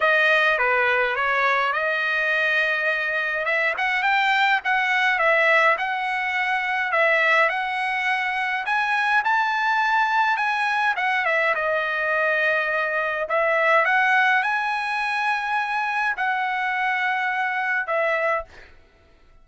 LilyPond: \new Staff \with { instrumentName = "trumpet" } { \time 4/4 \tempo 4 = 104 dis''4 b'4 cis''4 dis''4~ | dis''2 e''8 fis''8 g''4 | fis''4 e''4 fis''2 | e''4 fis''2 gis''4 |
a''2 gis''4 fis''8 e''8 | dis''2. e''4 | fis''4 gis''2. | fis''2. e''4 | }